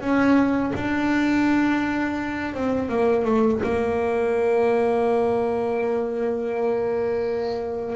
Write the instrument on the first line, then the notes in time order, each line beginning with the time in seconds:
double bass
0.00 C#4
0.75 D4
2.53 C4
2.88 A#3
3.24 A3
3.63 A#3